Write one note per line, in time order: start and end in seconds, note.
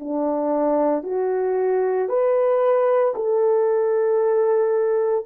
0.00 1.04 D4
1.04 2.09 F#4
2.09 3.14 B4
3.15 5.26 A4